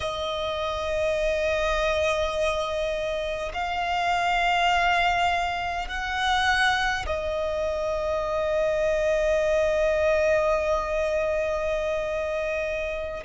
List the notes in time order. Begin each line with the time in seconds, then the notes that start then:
0.00 D#5
3.53 F5
5.88 F#5
7.06 D#5